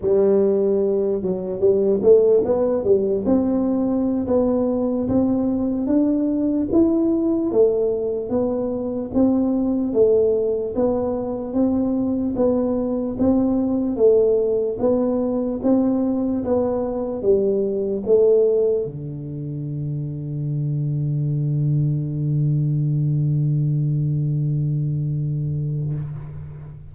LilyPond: \new Staff \with { instrumentName = "tuba" } { \time 4/4 \tempo 4 = 74 g4. fis8 g8 a8 b8 g8 | c'4~ c'16 b4 c'4 d'8.~ | d'16 e'4 a4 b4 c'8.~ | c'16 a4 b4 c'4 b8.~ |
b16 c'4 a4 b4 c'8.~ | c'16 b4 g4 a4 d8.~ | d1~ | d1 | }